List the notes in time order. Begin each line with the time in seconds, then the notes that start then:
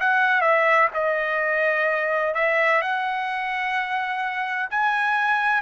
0.00 F#5
0.41 E5
0.94 D#5
2.34 E5
2.81 F#5
4.70 G#5